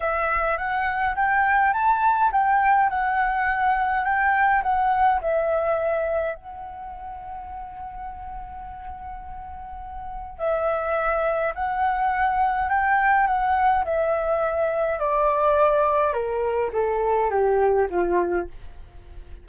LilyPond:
\new Staff \with { instrumentName = "flute" } { \time 4/4 \tempo 4 = 104 e''4 fis''4 g''4 a''4 | g''4 fis''2 g''4 | fis''4 e''2 fis''4~ | fis''1~ |
fis''2 e''2 | fis''2 g''4 fis''4 | e''2 d''2 | ais'4 a'4 g'4 f'4 | }